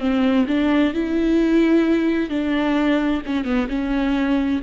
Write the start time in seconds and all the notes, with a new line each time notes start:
0.00 C4
0.48 D4
0.94 E4
2.30 D4
3.26 C#4
3.45 B3
3.69 C#4